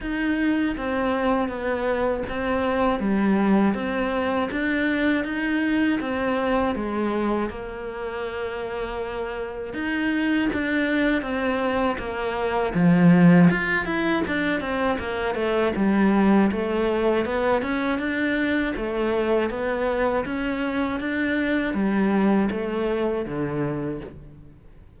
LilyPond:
\new Staff \with { instrumentName = "cello" } { \time 4/4 \tempo 4 = 80 dis'4 c'4 b4 c'4 | g4 c'4 d'4 dis'4 | c'4 gis4 ais2~ | ais4 dis'4 d'4 c'4 |
ais4 f4 f'8 e'8 d'8 c'8 | ais8 a8 g4 a4 b8 cis'8 | d'4 a4 b4 cis'4 | d'4 g4 a4 d4 | }